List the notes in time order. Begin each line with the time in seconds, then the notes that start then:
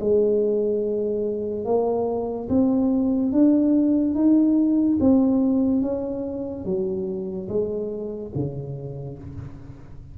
0.00 G#3
1.65 A#3
2.49 C4
3.32 D4
4.14 D#4
5.00 C4
5.82 C#4
6.65 F#3
7.48 G#3
8.35 C#3